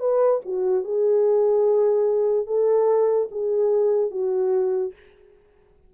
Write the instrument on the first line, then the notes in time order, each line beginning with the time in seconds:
horn
0.00 B4
0.46 F#4
0.84 G#4
2.47 A4
3.31 G#4
4.11 F#4